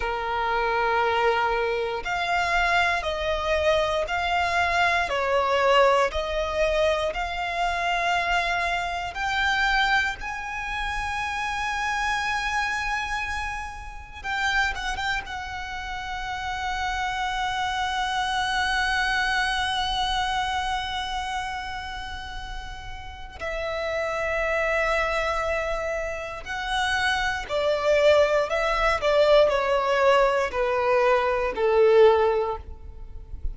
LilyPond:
\new Staff \with { instrumentName = "violin" } { \time 4/4 \tempo 4 = 59 ais'2 f''4 dis''4 | f''4 cis''4 dis''4 f''4~ | f''4 g''4 gis''2~ | gis''2 g''8 fis''16 g''16 fis''4~ |
fis''1~ | fis''2. e''4~ | e''2 fis''4 d''4 | e''8 d''8 cis''4 b'4 a'4 | }